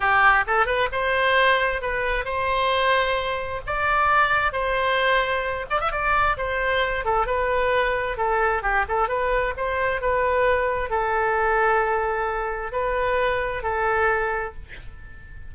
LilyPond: \new Staff \with { instrumentName = "oboe" } { \time 4/4 \tempo 4 = 132 g'4 a'8 b'8 c''2 | b'4 c''2. | d''2 c''2~ | c''8 d''16 e''16 d''4 c''4. a'8 |
b'2 a'4 g'8 a'8 | b'4 c''4 b'2 | a'1 | b'2 a'2 | }